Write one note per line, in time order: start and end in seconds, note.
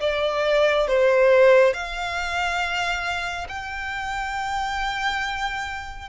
0.00 0.87 D5
0.87 1.73 C5
1.73 3.47 F5
3.49 6.09 G5